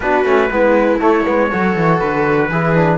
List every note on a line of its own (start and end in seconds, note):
0.00 0.24 B3
0.00 0.25 D4
0.00 0.51 F#4
0.00 1.00 B4
0.24 0.49 A3
0.24 0.50 C#4
0.50 1.01 G#3
0.50 0.98 B3
0.50 1.49 E4
0.98 1.23 A3
0.98 1.26 A3
0.98 1.99 C#5
1.25 1.52 G#3
1.25 1.50 B3
1.49 1.76 F#3
1.49 2.50 F#4
1.49 2.49 A4
1.76 2.01 E3
1.99 2.49 D3
1.99 2.98 B4
2.49 2.98 E3
2.49 2.74 E4
2.49 2.98 G#4
2.74 2.98 D4